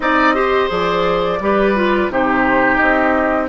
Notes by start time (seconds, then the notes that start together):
0.00 C4 D#4 D5 D#5
0.35 G4 C5
0.68 F3 G#4 D5
1.40 G3 G4 B4
1.75 F4
2.09 C3 D#4 G4 C5
2.75 C4 D#5